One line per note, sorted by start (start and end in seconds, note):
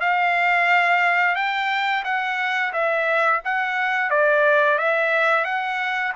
0.00 1.35 F5
1.35 2.03 G5
2.04 2.72 F#5
2.73 3.41 E5
3.44 4.10 F#5
4.10 4.78 D5
4.78 5.44 E5
5.44 6.12 F#5